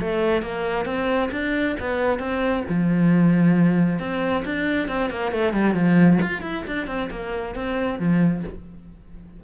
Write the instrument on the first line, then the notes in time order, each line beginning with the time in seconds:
cello
0.00 A3
0.42 A#3
0.85 C4
1.31 D4
1.79 B3
2.19 C4
2.69 F3
3.99 C4
4.45 D4
4.88 C4
5.10 A#3
5.32 A3
5.53 G3
5.74 F3
6.21 F4
6.42 E4
6.67 D4
6.87 C4
7.11 A#3
7.55 C4
7.99 F3